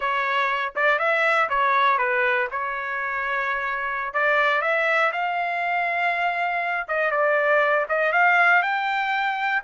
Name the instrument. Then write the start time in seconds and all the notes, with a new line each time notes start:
trumpet
0.00 C#5
0.75 D5
0.98 E5
1.49 C#5
1.97 B4
2.51 C#5
4.13 D5
4.61 E5
5.12 F5
6.88 D#5
7.11 D5
7.88 D#5
8.12 F5
8.62 G5